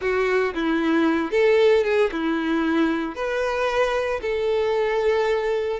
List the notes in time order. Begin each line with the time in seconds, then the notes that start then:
0.01 F#4
0.54 E4
1.31 A4
1.84 G#4
2.11 E4
3.15 B4
4.21 A4